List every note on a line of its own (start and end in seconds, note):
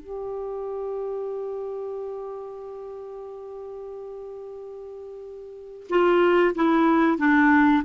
0.00 5.87 G4
5.90 6.55 F4
6.55 7.18 E4
7.18 7.83 D4